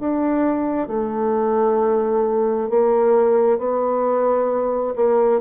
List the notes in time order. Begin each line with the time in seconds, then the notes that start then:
0.00 D4
0.88 A3
2.70 A#3
3.58 B3
4.96 A#3